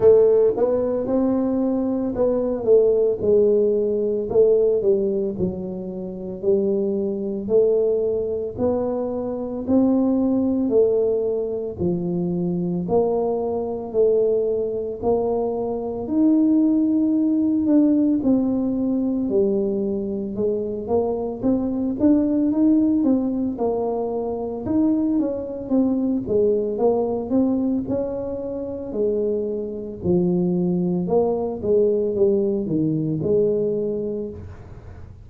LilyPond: \new Staff \with { instrumentName = "tuba" } { \time 4/4 \tempo 4 = 56 a8 b8 c'4 b8 a8 gis4 | a8 g8 fis4 g4 a4 | b4 c'4 a4 f4 | ais4 a4 ais4 dis'4~ |
dis'8 d'8 c'4 g4 gis8 ais8 | c'8 d'8 dis'8 c'8 ais4 dis'8 cis'8 | c'8 gis8 ais8 c'8 cis'4 gis4 | f4 ais8 gis8 g8 dis8 gis4 | }